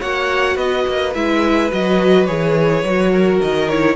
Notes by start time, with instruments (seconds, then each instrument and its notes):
0.00 cello A#3, viola F#4, violin C#5 F#5
0.56 cello B3, violin B4 D#5
0.88 cello A#3
1.15 cello G#3, viola E4, violin E5
1.72 cello F#3, viola F#4, violin D#5
2.26 cello E3, viola G#4, violin C#5
2.83 cello F#3, viola F#4
3.12 violin A#4
3.42 cello D#3, violin D#5
3.69 viola E4, violin C#5